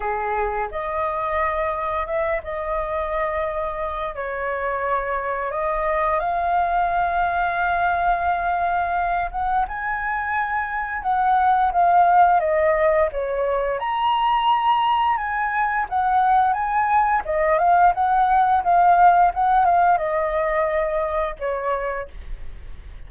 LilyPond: \new Staff \with { instrumentName = "flute" } { \time 4/4 \tempo 4 = 87 gis'4 dis''2 e''8 dis''8~ | dis''2 cis''2 | dis''4 f''2.~ | f''4. fis''8 gis''2 |
fis''4 f''4 dis''4 cis''4 | ais''2 gis''4 fis''4 | gis''4 dis''8 f''8 fis''4 f''4 | fis''8 f''8 dis''2 cis''4 | }